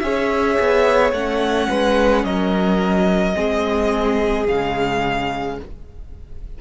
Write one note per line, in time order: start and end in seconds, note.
0.00 0.58 C#4
0.00 1.15 G#4
0.00 1.70 C#5
0.00 1.11 E5
0.60 1.13 B3
1.13 1.68 A3
1.13 3.35 C#4
1.13 2.25 F#5
1.70 2.25 G#3
1.70 2.25 B4
2.25 3.36 F#3
2.25 3.36 A#4
2.25 4.47 D#5
3.35 4.48 G#3
3.35 4.46 C4
3.35 5.58 G#4
4.48 5.59 C#3
4.48 5.61 G#3
4.48 5.59 F5